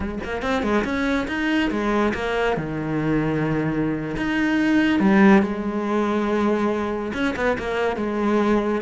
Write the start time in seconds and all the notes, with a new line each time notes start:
0.00 G#3
0.23 A#3
0.41 C4
0.62 G#3
0.84 C#4
1.27 D#4
1.70 G#3
2.14 A#3
2.56 D#3
4.16 D#4
4.99 G3
5.42 G#3
7.13 C#4
7.35 B3
7.58 A#3
7.96 G#3